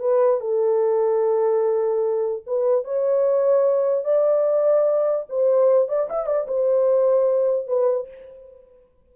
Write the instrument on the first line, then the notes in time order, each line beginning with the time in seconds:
horn
0.00 B4
0.41 A4
2.47 B4
2.85 C#5
4.05 D5
5.30 C5
5.89 D5
6.10 E5
6.27 D5
6.48 C5
7.68 B4